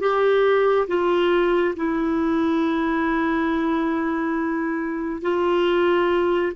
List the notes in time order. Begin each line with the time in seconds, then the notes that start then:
0.00 G4
0.87 F4
1.76 E4
5.22 F4